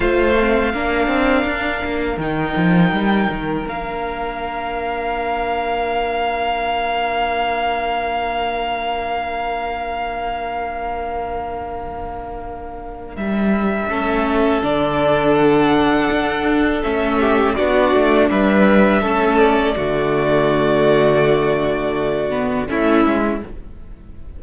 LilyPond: <<
  \new Staff \with { instrumentName = "violin" } { \time 4/4 \tempo 4 = 82 f''2. g''4~ | g''4 f''2.~ | f''1~ | f''1~ |
f''2 e''2 | d''4 fis''2 e''4 | d''4 e''4. d''4.~ | d''2. e''4 | }
  \new Staff \with { instrumentName = "violin" } { \time 4/4 c''4 ais'2.~ | ais'1~ | ais'1~ | ais'1~ |
ais'2. a'4~ | a'2.~ a'8 g'8 | fis'4 b'4 a'4 fis'4~ | fis'2. e'4 | }
  \new Staff \with { instrumentName = "viola" } { \time 4/4 f'8 c'8 d'2 dis'4~ | dis'4 d'2.~ | d'1~ | d'1~ |
d'2. cis'4 | d'2. cis'4 | d'2 cis'4 a4~ | a2~ a8 b8 cis'4 | }
  \new Staff \with { instrumentName = "cello" } { \time 4/4 a4 ais8 c'8 d'8 ais8 dis8 f8 | g8 dis8 ais2.~ | ais1~ | ais1~ |
ais2 g4 a4 | d2 d'4 a4 | b8 a8 g4 a4 d4~ | d2. a8 gis8 | }
>>